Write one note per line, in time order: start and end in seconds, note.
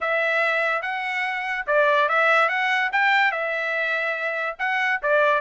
0.01 0.82 E5
0.82 1.65 F#5
1.67 2.08 D5
2.08 2.48 E5
2.48 2.90 F#5
2.92 3.31 G5
3.31 4.56 E5
4.58 5.00 F#5
5.02 5.41 D5